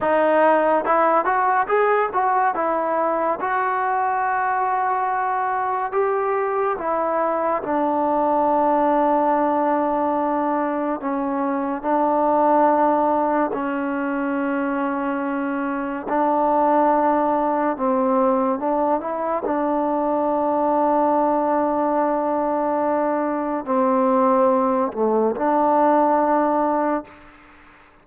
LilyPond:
\new Staff \with { instrumentName = "trombone" } { \time 4/4 \tempo 4 = 71 dis'4 e'8 fis'8 gis'8 fis'8 e'4 | fis'2. g'4 | e'4 d'2.~ | d'4 cis'4 d'2 |
cis'2. d'4~ | d'4 c'4 d'8 e'8 d'4~ | d'1 | c'4. a8 d'2 | }